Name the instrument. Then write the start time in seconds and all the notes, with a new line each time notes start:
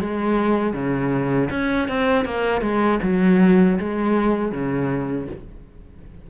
cello
0.00 G#3
0.73 C#3
1.50 C#4
1.88 C4
2.25 A#3
2.61 G#3
3.02 F#3
3.79 G#3
4.52 C#3